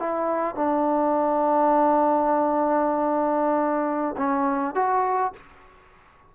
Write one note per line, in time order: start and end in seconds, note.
0.00 0.55 E4
0.55 4.16 D4
4.17 4.75 C#4
4.75 5.33 F#4